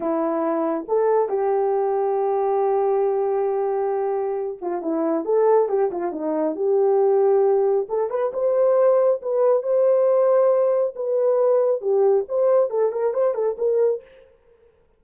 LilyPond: \new Staff \with { instrumentName = "horn" } { \time 4/4 \tempo 4 = 137 e'2 a'4 g'4~ | g'1~ | g'2~ g'8 f'8 e'4 | a'4 g'8 f'8 dis'4 g'4~ |
g'2 a'8 b'8 c''4~ | c''4 b'4 c''2~ | c''4 b'2 g'4 | c''4 a'8 ais'8 c''8 a'8 ais'4 | }